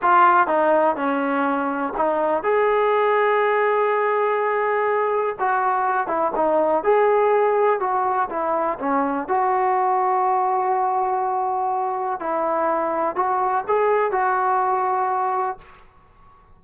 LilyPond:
\new Staff \with { instrumentName = "trombone" } { \time 4/4 \tempo 4 = 123 f'4 dis'4 cis'2 | dis'4 gis'2.~ | gis'2. fis'4~ | fis'8 e'8 dis'4 gis'2 |
fis'4 e'4 cis'4 fis'4~ | fis'1~ | fis'4 e'2 fis'4 | gis'4 fis'2. | }